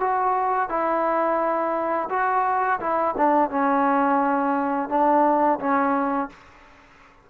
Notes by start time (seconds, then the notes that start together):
0.00 F#4
0.69 E4
2.10 F#4
2.80 E4
3.17 D4
3.50 C#4
4.89 D4
5.60 C#4